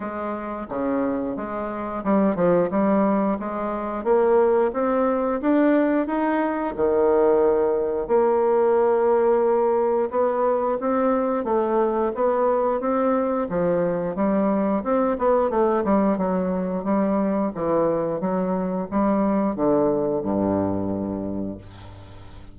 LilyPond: \new Staff \with { instrumentName = "bassoon" } { \time 4/4 \tempo 4 = 89 gis4 cis4 gis4 g8 f8 | g4 gis4 ais4 c'4 | d'4 dis'4 dis2 | ais2. b4 |
c'4 a4 b4 c'4 | f4 g4 c'8 b8 a8 g8 | fis4 g4 e4 fis4 | g4 d4 g,2 | }